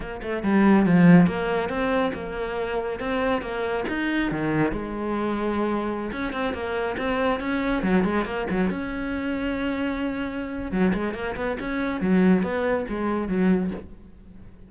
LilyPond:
\new Staff \with { instrumentName = "cello" } { \time 4/4 \tempo 4 = 140 ais8 a8 g4 f4 ais4 | c'4 ais2 c'4 | ais4 dis'4 dis4 gis4~ | gis2~ gis16 cis'8 c'8 ais8.~ |
ais16 c'4 cis'4 fis8 gis8 ais8 fis16~ | fis16 cis'2.~ cis'8.~ | cis'4 fis8 gis8 ais8 b8 cis'4 | fis4 b4 gis4 fis4 | }